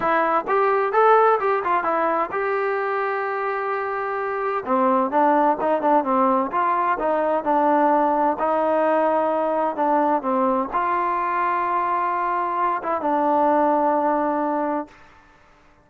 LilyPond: \new Staff \with { instrumentName = "trombone" } { \time 4/4 \tempo 4 = 129 e'4 g'4 a'4 g'8 f'8 | e'4 g'2.~ | g'2 c'4 d'4 | dis'8 d'8 c'4 f'4 dis'4 |
d'2 dis'2~ | dis'4 d'4 c'4 f'4~ | f'2.~ f'8 e'8 | d'1 | }